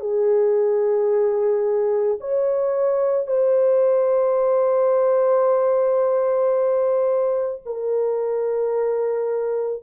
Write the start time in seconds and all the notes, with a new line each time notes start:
0.00 G#4
2.20 C#5
3.27 C5
7.66 A#4